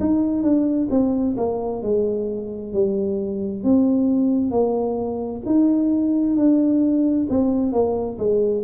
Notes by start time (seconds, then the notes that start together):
0.00 D#4
0.43 D4
0.90 C4
1.38 A#3
1.82 G#3
2.74 G3
3.64 C4
4.51 A#3
5.46 D#4
6.36 D4
7.30 C4
7.72 A#3
8.18 G#3